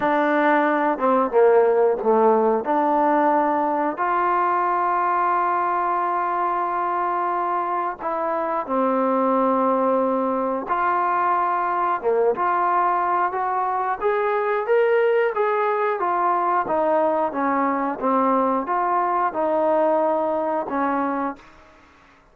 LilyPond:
\new Staff \with { instrumentName = "trombone" } { \time 4/4 \tempo 4 = 90 d'4. c'8 ais4 a4 | d'2 f'2~ | f'1 | e'4 c'2. |
f'2 ais8 f'4. | fis'4 gis'4 ais'4 gis'4 | f'4 dis'4 cis'4 c'4 | f'4 dis'2 cis'4 | }